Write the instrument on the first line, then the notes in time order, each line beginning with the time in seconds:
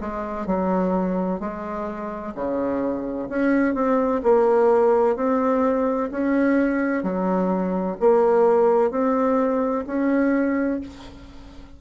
bassoon
0.00 G#3
0.46 F#3
1.40 G#3
2.34 C#3
3.29 C#4
3.74 C4
4.23 A#3
5.16 C4
6.11 C#4
7.03 F#3
7.99 A#3
8.91 C4
9.87 C#4